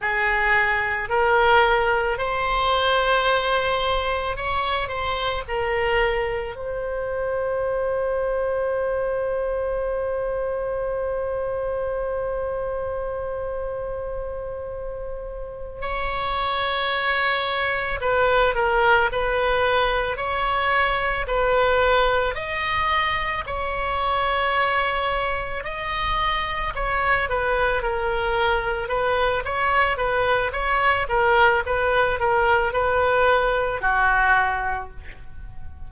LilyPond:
\new Staff \with { instrumentName = "oboe" } { \time 4/4 \tempo 4 = 55 gis'4 ais'4 c''2 | cis''8 c''8 ais'4 c''2~ | c''1~ | c''2~ c''8 cis''4.~ |
cis''8 b'8 ais'8 b'4 cis''4 b'8~ | b'8 dis''4 cis''2 dis''8~ | dis''8 cis''8 b'8 ais'4 b'8 cis''8 b'8 | cis''8 ais'8 b'8 ais'8 b'4 fis'4 | }